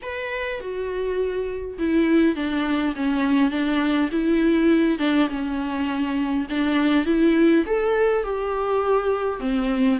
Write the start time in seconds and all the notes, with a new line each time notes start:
0.02 B4
0.60 F#4
1.78 E4
2.35 D4
2.95 C#4
3.50 D4
4.11 E4
4.98 D4
5.29 C#4
6.49 D4
7.05 E4
7.66 A4
8.23 G4
9.40 C4